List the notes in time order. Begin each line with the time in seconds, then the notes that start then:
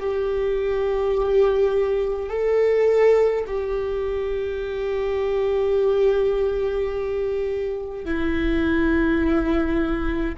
0.00 G4
2.29 A4
3.47 G4
8.05 E4